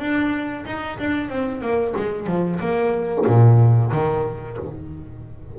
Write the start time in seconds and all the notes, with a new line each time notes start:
0.00 D4
0.66 D#4
0.99 D4
1.30 C4
1.62 A#3
1.97 G#3
2.27 F3
2.60 A#3
3.27 A#2
3.92 D#3